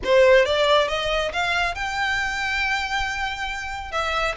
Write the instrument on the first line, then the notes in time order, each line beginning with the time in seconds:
violin
0.04 C5
0.45 D5
0.88 D#5
1.32 F5
1.74 G5
3.91 E5